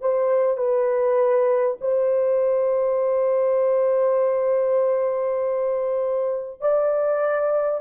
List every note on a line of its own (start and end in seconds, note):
0.00 0.57 C5
0.57 1.77 B4
1.81 6.60 C5
6.60 7.80 D5